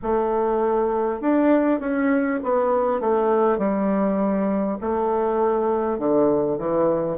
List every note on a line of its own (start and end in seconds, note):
0.02 1.21 A3
1.21 1.80 D4
1.80 2.40 C#4
2.43 3.00 B3
3.00 3.58 A3
3.58 4.78 G3
4.81 5.98 A3
5.98 6.58 D3
6.58 7.17 E3